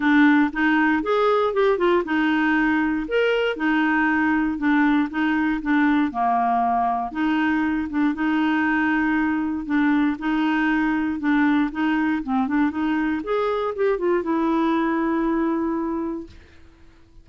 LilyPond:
\new Staff \with { instrumentName = "clarinet" } { \time 4/4 \tempo 4 = 118 d'4 dis'4 gis'4 g'8 f'8 | dis'2 ais'4 dis'4~ | dis'4 d'4 dis'4 d'4 | ais2 dis'4. d'8 |
dis'2. d'4 | dis'2 d'4 dis'4 | c'8 d'8 dis'4 gis'4 g'8 f'8 | e'1 | }